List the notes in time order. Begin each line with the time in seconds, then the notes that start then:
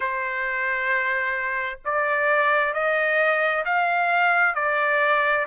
0.00 C5
1.84 D5
2.73 D#5
3.65 F5
4.55 D5